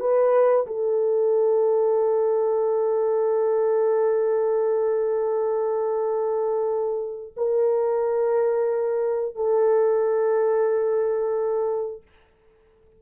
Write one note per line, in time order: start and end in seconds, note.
0.00 0.67 B4
0.67 7.34 A4
7.37 9.36 A#4
9.36 12.03 A4